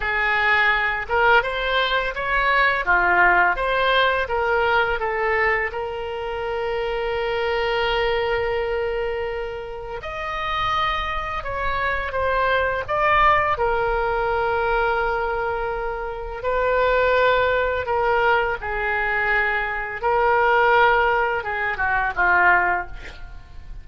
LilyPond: \new Staff \with { instrumentName = "oboe" } { \time 4/4 \tempo 4 = 84 gis'4. ais'8 c''4 cis''4 | f'4 c''4 ais'4 a'4 | ais'1~ | ais'2 dis''2 |
cis''4 c''4 d''4 ais'4~ | ais'2. b'4~ | b'4 ais'4 gis'2 | ais'2 gis'8 fis'8 f'4 | }